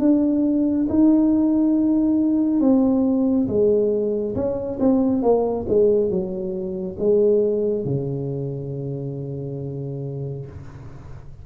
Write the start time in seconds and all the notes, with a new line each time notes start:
0.00 D4
0.90 D#4
2.61 C4
3.48 G#3
4.36 C#4
4.80 C4
5.23 A#3
5.69 G#3
6.11 F#3
6.99 G#3
7.85 C#3